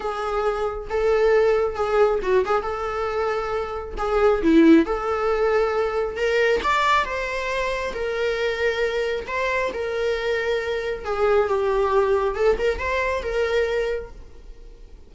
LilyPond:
\new Staff \with { instrumentName = "viola" } { \time 4/4 \tempo 4 = 136 gis'2 a'2 | gis'4 fis'8 gis'8 a'2~ | a'4 gis'4 e'4 a'4~ | a'2 ais'4 d''4 |
c''2 ais'2~ | ais'4 c''4 ais'2~ | ais'4 gis'4 g'2 | a'8 ais'8 c''4 ais'2 | }